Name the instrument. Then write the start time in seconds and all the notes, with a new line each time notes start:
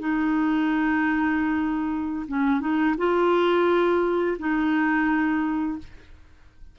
clarinet
0.00 D#4
2.28 C#4
2.61 D#4
2.98 F4
4.39 D#4